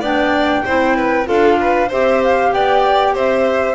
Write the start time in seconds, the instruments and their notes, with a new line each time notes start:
0.00 double bass B3, clarinet D4, violin D5, flute G5
0.65 double bass C4, clarinet E4, violin C5
0.96 violin B4
1.25 double bass D4, clarinet F4, violin A4, flute F5
1.60 violin B4
1.88 double bass C4, clarinet G4, violin C5, flute E5
2.24 flute F5
2.53 double bass B3, violin D5, flute G5
3.14 double bass C4, violin C5, flute E5